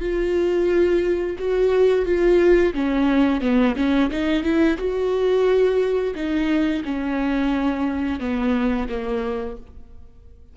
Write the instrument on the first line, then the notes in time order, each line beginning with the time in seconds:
viola
0.00 F4
1.38 F#4
2.05 F4
2.73 C#4
3.41 B3
3.76 C#4
4.10 D#4
4.43 E4
4.77 F#4
6.15 D#4
6.84 C#4
8.19 B3
8.88 A#3